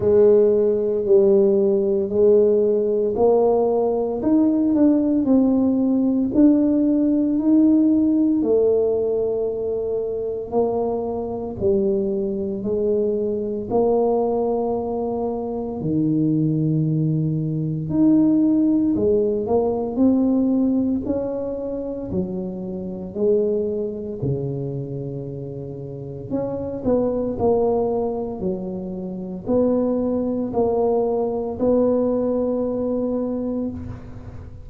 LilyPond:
\new Staff \with { instrumentName = "tuba" } { \time 4/4 \tempo 4 = 57 gis4 g4 gis4 ais4 | dis'8 d'8 c'4 d'4 dis'4 | a2 ais4 g4 | gis4 ais2 dis4~ |
dis4 dis'4 gis8 ais8 c'4 | cis'4 fis4 gis4 cis4~ | cis4 cis'8 b8 ais4 fis4 | b4 ais4 b2 | }